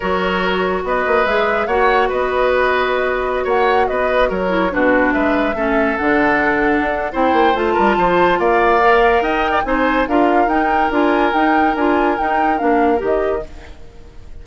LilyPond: <<
  \new Staff \with { instrumentName = "flute" } { \time 4/4 \tempo 4 = 143 cis''2 dis''4 e''4 | fis''4 dis''2.~ | dis''16 fis''4 dis''4 cis''4 b'8.~ | b'16 e''2 fis''4.~ fis''16~ |
fis''4 g''4 a''2 | f''2 g''4 gis''4 | f''4 g''4 gis''4 g''4 | gis''4 g''4 f''4 dis''4 | }
  \new Staff \with { instrumentName = "oboe" } { \time 4/4 ais'2 b'2 | cis''4 b'2.~ | b'16 cis''4 b'4 ais'4 fis'8.~ | fis'16 b'4 a'2~ a'8.~ |
a'4 c''4. ais'8 c''4 | d''2 dis''8. d''16 c''4 | ais'1~ | ais'1 | }
  \new Staff \with { instrumentName = "clarinet" } { \time 4/4 fis'2. gis'4 | fis'1~ | fis'2~ fis'8. e'8 d'8.~ | d'4~ d'16 cis'4 d'4.~ d'16~ |
d'4 e'4 f'2~ | f'4 ais'2 dis'4 | f'4 dis'4 f'4 dis'4 | f'4 dis'4 d'4 g'4 | }
  \new Staff \with { instrumentName = "bassoon" } { \time 4/4 fis2 b8 ais8 gis4 | ais4 b2.~ | b16 ais4 b4 fis4 b,8.~ | b,16 gis4 a4 d4.~ d16~ |
d16 d'8. c'8 ais8 a8 g8 f4 | ais2 dis'4 c'4 | d'4 dis'4 d'4 dis'4 | d'4 dis'4 ais4 dis4 | }
>>